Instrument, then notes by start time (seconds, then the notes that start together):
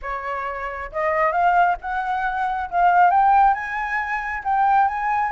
flute
0.02 C#5
0.92 D#5
1.32 F5
1.81 F#5
2.70 F5
3.10 G5
3.54 G#5
4.44 G5
4.88 G#5